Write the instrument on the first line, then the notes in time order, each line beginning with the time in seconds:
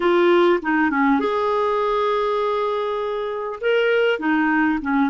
clarinet
0.00 F4
0.61 D#4
0.90 C#4
1.19 G#4
3.60 A#4
4.19 D#4
4.81 C#4